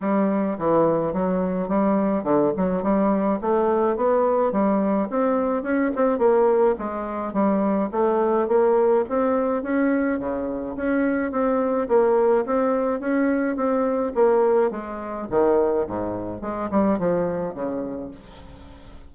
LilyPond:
\new Staff \with { instrumentName = "bassoon" } { \time 4/4 \tempo 4 = 106 g4 e4 fis4 g4 | d8 fis8 g4 a4 b4 | g4 c'4 cis'8 c'8 ais4 | gis4 g4 a4 ais4 |
c'4 cis'4 cis4 cis'4 | c'4 ais4 c'4 cis'4 | c'4 ais4 gis4 dis4 | gis,4 gis8 g8 f4 cis4 | }